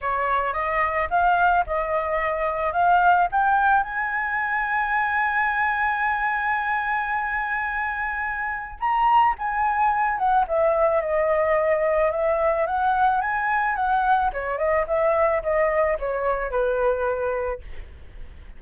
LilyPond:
\new Staff \with { instrumentName = "flute" } { \time 4/4 \tempo 4 = 109 cis''4 dis''4 f''4 dis''4~ | dis''4 f''4 g''4 gis''4~ | gis''1~ | gis''1 |
ais''4 gis''4. fis''8 e''4 | dis''2 e''4 fis''4 | gis''4 fis''4 cis''8 dis''8 e''4 | dis''4 cis''4 b'2 | }